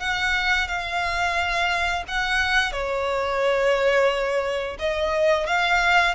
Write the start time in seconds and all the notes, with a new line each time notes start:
0.00 F#5
0.68 F5
2.08 F#5
2.73 C#5
4.79 D#5
5.47 F5